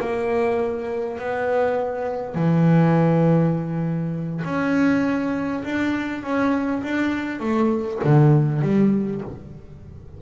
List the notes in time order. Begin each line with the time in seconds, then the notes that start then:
0.00 A#3
1.18 B3
2.34 E3
4.44 C#4
5.64 D4
6.23 C#4
6.83 D4
7.39 A3
8.03 D3
8.62 G3